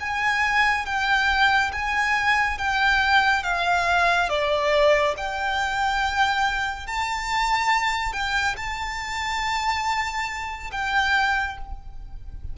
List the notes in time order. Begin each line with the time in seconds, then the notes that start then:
0.00 G#5
0.85 G5
1.72 G#5
2.58 G5
3.43 F5
4.29 D5
5.17 G5
6.86 A5
8.12 G5
8.56 A5
10.71 G5